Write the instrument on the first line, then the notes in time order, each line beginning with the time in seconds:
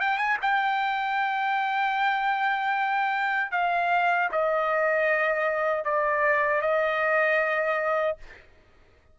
trumpet
0.00 G5
0.18 G#5
0.42 G5
3.51 F5
4.32 D#5
5.85 D5
6.61 D#5